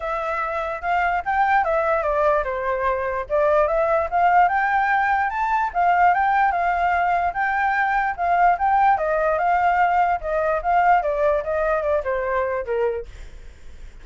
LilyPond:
\new Staff \with { instrumentName = "flute" } { \time 4/4 \tempo 4 = 147 e''2 f''4 g''4 | e''4 d''4 c''2 | d''4 e''4 f''4 g''4~ | g''4 a''4 f''4 g''4 |
f''2 g''2 | f''4 g''4 dis''4 f''4~ | f''4 dis''4 f''4 d''4 | dis''4 d''8 c''4. ais'4 | }